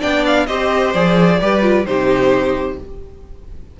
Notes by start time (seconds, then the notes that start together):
0.00 B3 D4 D5 G5
0.26 F5
0.46 C4 G4 C5 D#5
0.93 F3 G#4 D5
1.41 G3 G4 B4
1.62 F4
1.85 C3 D#4 G4 C5